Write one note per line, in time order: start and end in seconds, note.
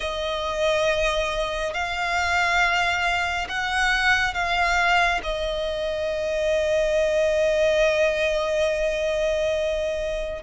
0.00 1.74 D#5
1.74 3.47 F5
3.48 4.34 F#5
4.34 5.21 F5
5.23 10.42 D#5